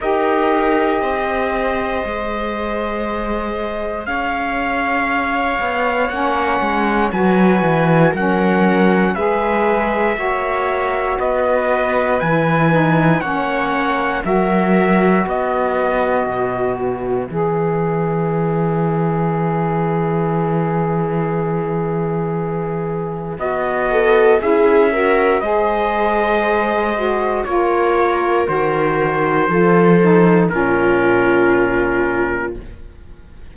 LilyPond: <<
  \new Staff \with { instrumentName = "trumpet" } { \time 4/4 \tempo 4 = 59 dis''1 | f''2 fis''4 gis''4 | fis''4 e''2 dis''4 | gis''4 fis''4 e''4 dis''4~ |
dis''8 e''2.~ e''8~ | e''2. dis''4 | e''4 dis''2 cis''4 | c''2 ais'2 | }
  \new Staff \with { instrumentName = "viola" } { \time 4/4 ais'4 c''2. | cis''2. b'4 | ais'4 b'4 cis''4 b'4~ | b'4 cis''4 ais'4 b'4~ |
b'1~ | b'2.~ b'8 a'8 | gis'8 ais'8 c''2 ais'4~ | ais'4 a'4 f'2 | }
  \new Staff \with { instrumentName = "saxophone" } { \time 4/4 g'2 gis'2~ | gis'2 cis'4 fis'4 | cis'4 gis'4 fis'2 | e'8 dis'8 cis'4 fis'2~ |
fis'4 gis'2.~ | gis'2. fis'4 | e'8 fis'8 gis'4. fis'8 f'4 | fis'4 f'8 dis'8 cis'2 | }
  \new Staff \with { instrumentName = "cello" } { \time 4/4 dis'4 c'4 gis2 | cis'4. b8 ais8 gis8 fis8 e8 | fis4 gis4 ais4 b4 | e4 ais4 fis4 b4 |
b,4 e2.~ | e2. b4 | cis'4 gis2 ais4 | dis4 f4 ais,2 | }
>>